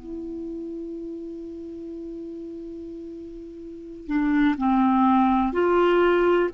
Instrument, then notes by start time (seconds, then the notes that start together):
clarinet
0.00 E4
4.07 D4
4.58 C4
5.53 F4